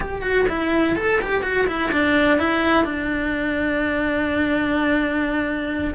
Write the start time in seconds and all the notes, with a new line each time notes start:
0.00 G4
0.22 F#4
0.48 E4
0.96 A4
1.21 G4
1.42 F#4
1.67 E4
1.92 D4
2.38 E4
2.84 D4